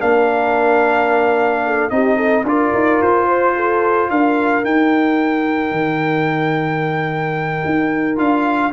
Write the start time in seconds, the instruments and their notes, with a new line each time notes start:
0.00 tuba A#3, trombone D4, horn A#4, trumpet F5
1.65 horn A4
1.90 tuba C4, trombone D#4, horn G4, trumpet D#5
2.17 horn A4
2.44 tuba D4, trombone F4, horn A#4, trumpet D5
2.74 tuba D#4
3.02 tuba F4, trumpet C5
3.28 horn C5
3.56 horn A4
4.10 tuba D4, horn A#4, trumpet F5
4.64 trombone D#4, tuba D#4, trumpet G5
5.72 tuba D#3
7.65 tuba D#4
8.16 tuba D4, trombone F4, trumpet F5